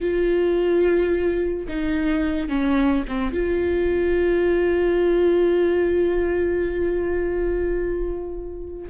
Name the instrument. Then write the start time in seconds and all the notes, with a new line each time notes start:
viola
0.00 F4
1.67 D#4
2.48 C#4
3.08 C4
3.33 F4